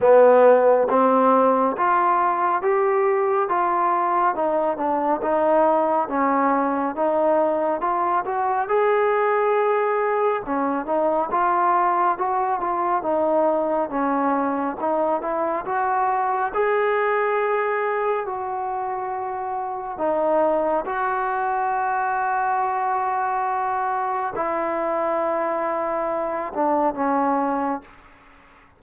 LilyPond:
\new Staff \with { instrumentName = "trombone" } { \time 4/4 \tempo 4 = 69 b4 c'4 f'4 g'4 | f'4 dis'8 d'8 dis'4 cis'4 | dis'4 f'8 fis'8 gis'2 | cis'8 dis'8 f'4 fis'8 f'8 dis'4 |
cis'4 dis'8 e'8 fis'4 gis'4~ | gis'4 fis'2 dis'4 | fis'1 | e'2~ e'8 d'8 cis'4 | }